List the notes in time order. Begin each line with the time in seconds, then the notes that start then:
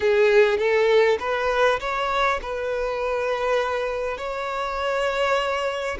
0.00 G#4
0.58 A4
1.19 B4
1.80 C#5
2.42 B4
4.17 C#5